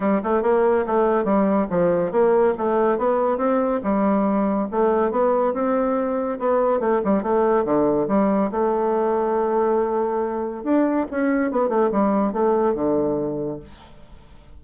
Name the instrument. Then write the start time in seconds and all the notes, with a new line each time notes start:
bassoon
0.00 G3
0.23 A3
0.42 A#3
0.86 A3
1.24 G3
1.69 F3
2.11 A#3
2.57 A3
2.97 B3
3.37 C4
3.83 G3
4.71 A3
5.11 B3
5.53 C4
6.39 B3
6.80 A3
7.04 G3
7.22 A3
7.65 D3
8.08 G3
8.51 A3
10.63 D4
11.11 C#4
11.51 B3
11.68 A3
11.91 G3
12.32 A3
12.74 D3